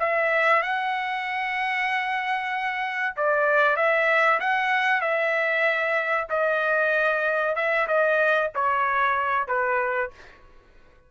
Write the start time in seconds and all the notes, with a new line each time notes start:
0.00 E5
0.63 F#5
3.17 D5
3.77 E5
4.40 F#5
5.02 E5
6.30 D#5
7.56 E5
7.88 D#5
8.55 C#5
9.48 B4